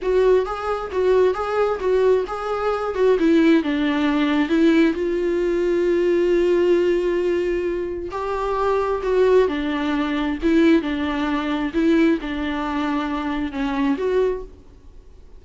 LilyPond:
\new Staff \with { instrumentName = "viola" } { \time 4/4 \tempo 4 = 133 fis'4 gis'4 fis'4 gis'4 | fis'4 gis'4. fis'8 e'4 | d'2 e'4 f'4~ | f'1~ |
f'2 g'2 | fis'4 d'2 e'4 | d'2 e'4 d'4~ | d'2 cis'4 fis'4 | }